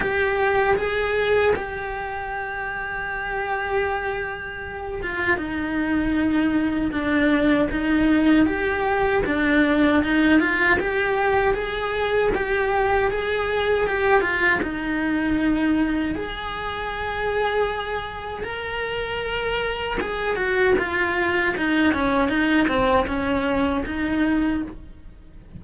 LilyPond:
\new Staff \with { instrumentName = "cello" } { \time 4/4 \tempo 4 = 78 g'4 gis'4 g'2~ | g'2~ g'8 f'8 dis'4~ | dis'4 d'4 dis'4 g'4 | d'4 dis'8 f'8 g'4 gis'4 |
g'4 gis'4 g'8 f'8 dis'4~ | dis'4 gis'2. | ais'2 gis'8 fis'8 f'4 | dis'8 cis'8 dis'8 c'8 cis'4 dis'4 | }